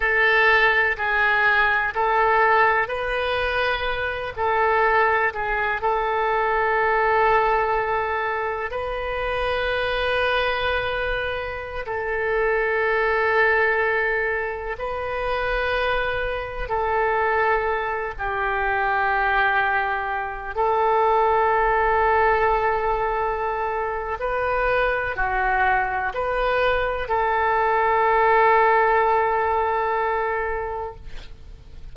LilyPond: \new Staff \with { instrumentName = "oboe" } { \time 4/4 \tempo 4 = 62 a'4 gis'4 a'4 b'4~ | b'8 a'4 gis'8 a'2~ | a'4 b'2.~ | b'16 a'2. b'8.~ |
b'4~ b'16 a'4. g'4~ g'16~ | g'4~ g'16 a'2~ a'8.~ | a'4 b'4 fis'4 b'4 | a'1 | }